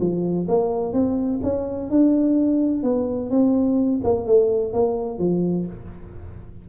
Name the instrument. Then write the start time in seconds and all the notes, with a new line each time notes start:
tuba
0.00 F3
0.48 A#3
0.93 C4
1.43 C#4
1.90 D4
2.83 B3
3.30 C4
4.03 A#3
4.26 A3
4.72 A#3
5.18 F3